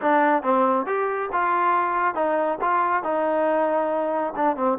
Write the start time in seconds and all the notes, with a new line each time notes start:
0.01 D4
0.42 C4
0.86 G4
1.32 F4
2.14 D#4
2.61 F4
3.03 D#4
4.35 D4
4.56 C4